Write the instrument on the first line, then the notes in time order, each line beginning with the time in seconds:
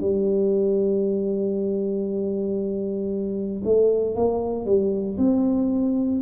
tuba
0.00 G3
3.64 A3
4.15 A#3
4.66 G3
5.18 C4